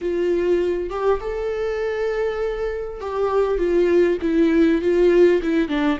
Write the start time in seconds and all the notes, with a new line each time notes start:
0.01 F4
0.90 G4
1.20 A4
3.00 G4
3.58 F4
4.21 E4
4.81 F4
5.42 E4
5.68 D4